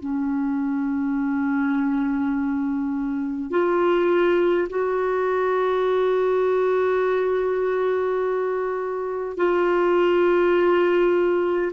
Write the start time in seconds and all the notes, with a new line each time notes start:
0.00 C#4
3.50 F4
4.69 F#4
9.37 F4